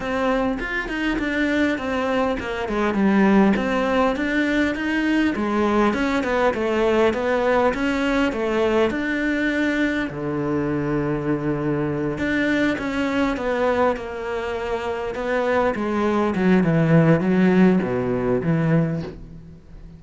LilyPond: \new Staff \with { instrumentName = "cello" } { \time 4/4 \tempo 4 = 101 c'4 f'8 dis'8 d'4 c'4 | ais8 gis8 g4 c'4 d'4 | dis'4 gis4 cis'8 b8 a4 | b4 cis'4 a4 d'4~ |
d'4 d2.~ | d8 d'4 cis'4 b4 ais8~ | ais4. b4 gis4 fis8 | e4 fis4 b,4 e4 | }